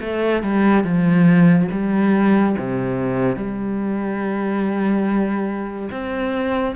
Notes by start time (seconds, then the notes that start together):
0.00 A3
0.42 G3
0.83 F3
1.71 G3
2.58 C3
3.36 G3
5.90 C4